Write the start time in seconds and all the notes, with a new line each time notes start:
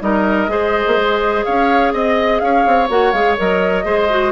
0.00 G3 D#4 A#4 D#5
0.48 G#3 G#4 C5
0.87 A#3
0.96 G#3
1.45 C#4 C#5 F5
1.93 C4 D#5
2.39 C#4 C#5 F5
2.66 C4
2.89 A#3 F#4 F#5
3.12 G#3 G#4 F5
3.37 F#3 A#4 D#5
3.83 G#3 G#4 C5
4.09 F#4